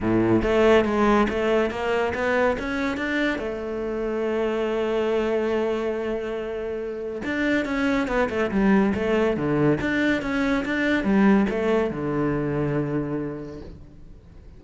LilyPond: \new Staff \with { instrumentName = "cello" } { \time 4/4 \tempo 4 = 141 a,4 a4 gis4 a4 | ais4 b4 cis'4 d'4 | a1~ | a1~ |
a4 d'4 cis'4 b8 a8 | g4 a4 d4 d'4 | cis'4 d'4 g4 a4 | d1 | }